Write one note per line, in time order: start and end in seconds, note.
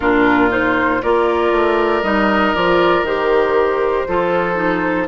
0.00 1.02 A#2
0.00 0.49 D4
0.00 1.01 F4
0.00 0.50 A#4
0.49 1.00 D#4
0.49 1.02 C5
1.02 1.51 A#3
1.02 2.04 F4
1.02 4.07 A#4
1.02 2.03 D5
1.51 2.02 A3
2.02 2.53 G3
2.02 2.54 D#4
2.02 2.54 D#5
2.54 3.02 F3
2.54 3.05 F4
2.54 3.04 D5
3.02 4.04 D#3
3.02 4.08 G4
3.02 5.07 C5
4.07 5.07 F3
4.07 4.55 F4
4.07 5.07 A4
4.55 5.06 D#4